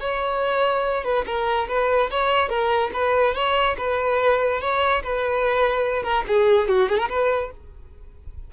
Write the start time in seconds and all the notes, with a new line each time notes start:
0.00 C#5
1.04 B4
1.26 A#4
1.68 B4
2.10 C#5
2.49 A#4
2.93 B4
3.34 C#5
3.77 B4
4.60 C#5
5.03 B4
6.03 A#4
6.27 G#4
6.68 F#4
6.89 G#4
6.98 A#4
7.09 B4